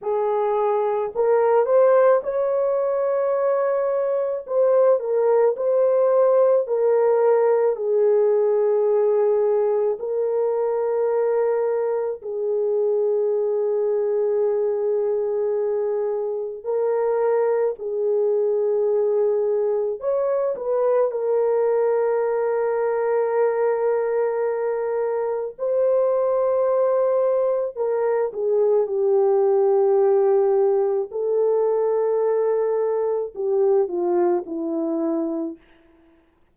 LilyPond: \new Staff \with { instrumentName = "horn" } { \time 4/4 \tempo 4 = 54 gis'4 ais'8 c''8 cis''2 | c''8 ais'8 c''4 ais'4 gis'4~ | gis'4 ais'2 gis'4~ | gis'2. ais'4 |
gis'2 cis''8 b'8 ais'4~ | ais'2. c''4~ | c''4 ais'8 gis'8 g'2 | a'2 g'8 f'8 e'4 | }